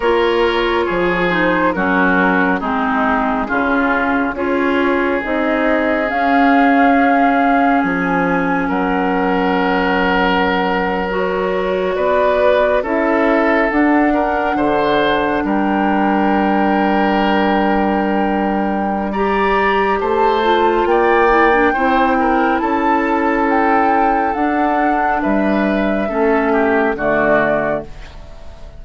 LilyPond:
<<
  \new Staff \with { instrumentName = "flute" } { \time 4/4 \tempo 4 = 69 cis''4. c''8 ais'4 gis'4~ | gis'4 cis''4 dis''4 f''4~ | f''4 gis''4 fis''2~ | fis''8. cis''4 d''4 e''4 fis''16~ |
fis''4.~ fis''16 g''2~ g''16~ | g''2 ais''4 a''4 | g''2 a''4 g''4 | fis''4 e''2 d''4 | }
  \new Staff \with { instrumentName = "oboe" } { \time 4/4 ais'4 gis'4 fis'4 dis'4 | f'4 gis'2.~ | gis'2 ais'2~ | ais'4.~ ais'16 b'4 a'4~ a'16~ |
a'16 ais'8 c''4 ais'2~ ais'16~ | ais'2 d''4 c''4 | d''4 c''8 ais'8 a'2~ | a'4 b'4 a'8 g'8 fis'4 | }
  \new Staff \with { instrumentName = "clarinet" } { \time 4/4 f'4. dis'8 cis'4 c'4 | cis'4 f'4 dis'4 cis'4~ | cis'1~ | cis'8. fis'2 e'4 d'16~ |
d'1~ | d'2 g'4. f'8~ | f'8 e'16 d'16 e'2. | d'2 cis'4 a4 | }
  \new Staff \with { instrumentName = "bassoon" } { \time 4/4 ais4 f4 fis4 gis4 | cis4 cis'4 c'4 cis'4~ | cis'4 f4 fis2~ | fis4.~ fis16 b4 cis'4 d'16~ |
d'8. d4 g2~ g16~ | g2. a4 | ais4 c'4 cis'2 | d'4 g4 a4 d4 | }
>>